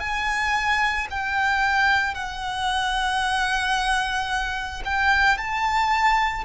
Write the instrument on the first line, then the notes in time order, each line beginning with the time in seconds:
violin
0.00 G#5
1.11 G5
2.14 F#5
4.85 G5
5.38 A5